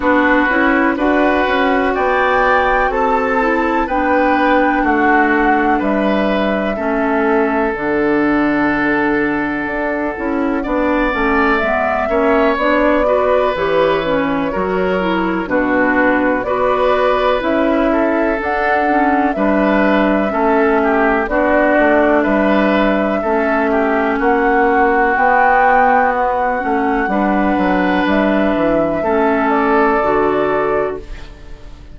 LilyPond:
<<
  \new Staff \with { instrumentName = "flute" } { \time 4/4 \tempo 4 = 62 b'4 fis''4 g''4 a''4 | g''4 fis''4 e''2 | fis''1 | e''4 d''4 cis''2 |
b'4 d''4 e''4 fis''4 | e''2 d''4 e''4~ | e''4 fis''4 g''4 fis''4~ | fis''4 e''4. d''4. | }
  \new Staff \with { instrumentName = "oboe" } { \time 4/4 fis'4 b'4 d''4 a'4 | b'4 fis'4 b'4 a'4~ | a'2. d''4~ | d''8 cis''4 b'4. ais'4 |
fis'4 b'4. a'4. | b'4 a'8 g'8 fis'4 b'4 | a'8 g'8 fis'2. | b'2 a'2 | }
  \new Staff \with { instrumentName = "clarinet" } { \time 4/4 d'8 e'8 fis'2~ fis'8 e'8 | d'2. cis'4 | d'2~ d'8 e'8 d'8 cis'8 | b8 cis'8 d'8 fis'8 g'8 cis'8 fis'8 e'8 |
d'4 fis'4 e'4 d'8 cis'8 | d'4 cis'4 d'2 | cis'2 b4. cis'8 | d'2 cis'4 fis'4 | }
  \new Staff \with { instrumentName = "bassoon" } { \time 4/4 b8 cis'8 d'8 cis'8 b4 c'4 | b4 a4 g4 a4 | d2 d'8 cis'8 b8 a8 | gis8 ais8 b4 e4 fis4 |
b,4 b4 cis'4 d'4 | g4 a4 b8 a8 g4 | a4 ais4 b4. a8 | g8 fis8 g8 e8 a4 d4 | }
>>